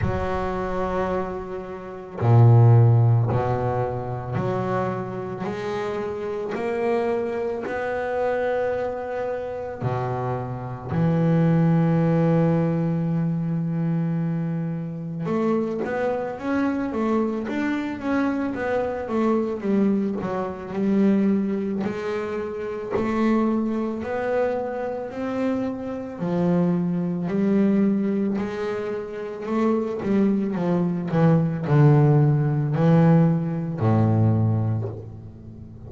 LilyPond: \new Staff \with { instrumentName = "double bass" } { \time 4/4 \tempo 4 = 55 fis2 ais,4 b,4 | fis4 gis4 ais4 b4~ | b4 b,4 e2~ | e2 a8 b8 cis'8 a8 |
d'8 cis'8 b8 a8 g8 fis8 g4 | gis4 a4 b4 c'4 | f4 g4 gis4 a8 g8 | f8 e8 d4 e4 a,4 | }